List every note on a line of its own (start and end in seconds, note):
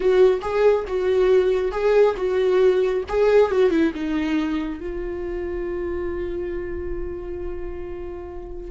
0.00 0.40 F#4
0.41 0.85 G#4
0.87 1.71 F#4
1.71 2.15 G#4
2.16 3.03 F#4
3.08 3.51 G#4
3.51 3.70 F#4
3.70 3.92 E4
3.94 4.79 D#4
4.79 8.70 F4